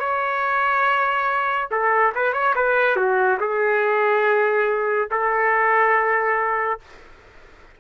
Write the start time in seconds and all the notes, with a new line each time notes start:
0.00 C#5
1.71 A4
2.15 B4
2.33 C#5
2.55 B4
2.97 F#4
3.40 G#4
5.11 A4